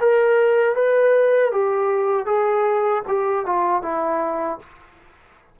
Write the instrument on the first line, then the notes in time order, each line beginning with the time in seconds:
trombone
0.00 A#4
0.75 B4
1.51 G4
2.26 G#4
3.08 G4
3.46 F4
3.82 E4